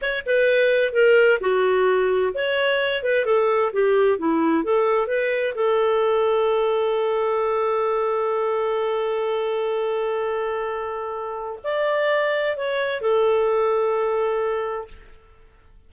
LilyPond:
\new Staff \with { instrumentName = "clarinet" } { \time 4/4 \tempo 4 = 129 cis''8 b'4. ais'4 fis'4~ | fis'4 cis''4. b'8 a'4 | g'4 e'4 a'4 b'4 | a'1~ |
a'1~ | a'1~ | a'4 d''2 cis''4 | a'1 | }